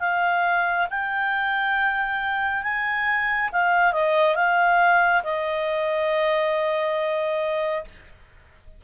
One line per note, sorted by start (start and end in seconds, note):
0.00 0.87 F5
0.91 2.63 G5
2.63 3.50 G#5
3.52 3.93 F5
3.93 4.36 D#5
4.36 5.23 F5
5.24 7.85 D#5